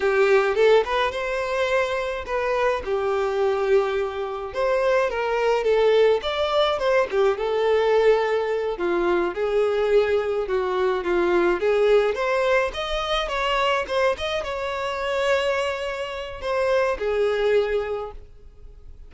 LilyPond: \new Staff \with { instrumentName = "violin" } { \time 4/4 \tempo 4 = 106 g'4 a'8 b'8 c''2 | b'4 g'2. | c''4 ais'4 a'4 d''4 | c''8 g'8 a'2~ a'8 f'8~ |
f'8 gis'2 fis'4 f'8~ | f'8 gis'4 c''4 dis''4 cis''8~ | cis''8 c''8 dis''8 cis''2~ cis''8~ | cis''4 c''4 gis'2 | }